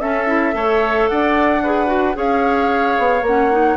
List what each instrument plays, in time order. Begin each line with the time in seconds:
0.00 clarinet C#4, bassoon C#4, oboe A4, flute E5
0.27 clarinet E4
0.52 bassoon A3, clarinet A4, oboe C#5
1.08 bassoon D4, oboe D5, flute F#5
1.63 clarinet G#4, oboe B4
1.87 clarinet F#4
2.14 bassoon C#4, clarinet G#4, oboe C#5, flute F5
2.99 bassoon B3
3.22 bassoon A#3, flute F#5
3.28 clarinet C#4
3.51 clarinet D#4